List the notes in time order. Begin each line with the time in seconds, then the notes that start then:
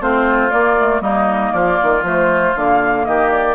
0.00 A3 C4 F4 C5
0.49 A#3 D5
0.78 A3
1.00 G3 A#3 D#4 D#5
1.52 F3 F4 D5
1.82 D#3
2.02 F3 A3 C5
2.55 D3 A#3 F5
3.05 D#3 G4 D#5
3.31 D5